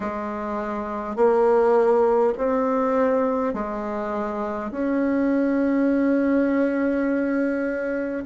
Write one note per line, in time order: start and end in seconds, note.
0.00 1.16 G#3
1.16 2.33 A#3
2.37 3.53 C4
3.53 4.71 G#3
4.71 8.24 C#4